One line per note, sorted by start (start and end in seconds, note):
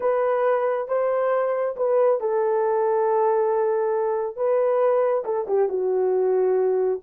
0.00 0.88 B4
0.88 1.75 C5
1.76 2.20 B4
2.20 4.36 A4
4.36 5.24 B4
5.24 5.46 A4
5.47 5.68 G4
5.68 7.00 F#4